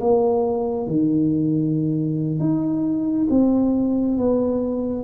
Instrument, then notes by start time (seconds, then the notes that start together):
tuba
0.00 A#3
0.87 D#3
2.39 D#4
3.30 C4
4.18 B3